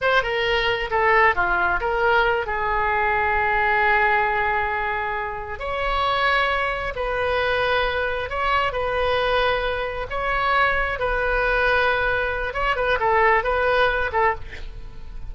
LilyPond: \new Staff \with { instrumentName = "oboe" } { \time 4/4 \tempo 4 = 134 c''8 ais'4. a'4 f'4 | ais'4. gis'2~ gis'8~ | gis'1~ | gis'8 cis''2. b'8~ |
b'2~ b'8 cis''4 b'8~ | b'2~ b'8 cis''4.~ | cis''8 b'2.~ b'8 | cis''8 b'8 a'4 b'4. a'8 | }